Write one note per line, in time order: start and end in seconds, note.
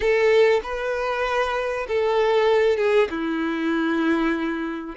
0.00 0.60 A4
0.63 1.86 B4
1.88 2.77 A4
2.77 3.08 G#4
3.10 4.95 E4